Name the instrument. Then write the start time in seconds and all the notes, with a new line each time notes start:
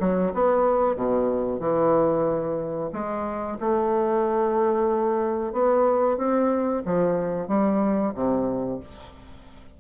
bassoon
0.00 F#3
0.34 B3
0.96 B2
1.59 E3
2.93 G#3
3.60 A3
5.53 B3
6.17 C4
6.85 F3
7.48 G3
8.15 C3